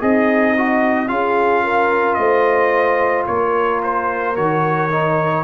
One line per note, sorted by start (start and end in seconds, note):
0.00 1.10 C4
0.00 1.10 D#4
0.00 0.55 G#4
0.00 1.08 D#5
0.57 1.08 F#4
1.08 2.19 C#4
1.08 4.35 F4
1.08 1.64 G#4
1.08 2.14 F5
1.64 2.18 A#4
2.14 3.28 A3
2.14 3.28 C5
2.14 3.23 D#5
3.27 4.37 A#3
3.27 5.44 A#4
3.27 3.81 C#5
3.83 4.36 C5
4.35 5.44 D#3
4.35 4.90 F#4
4.35 5.44 C#5
4.91 5.44 D#4